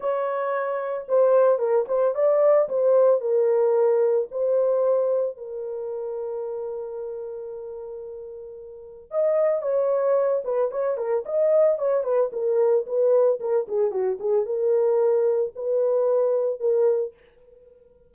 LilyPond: \new Staff \with { instrumentName = "horn" } { \time 4/4 \tempo 4 = 112 cis''2 c''4 ais'8 c''8 | d''4 c''4 ais'2 | c''2 ais'2~ | ais'1~ |
ais'4 dis''4 cis''4. b'8 | cis''8 ais'8 dis''4 cis''8 b'8 ais'4 | b'4 ais'8 gis'8 fis'8 gis'8 ais'4~ | ais'4 b'2 ais'4 | }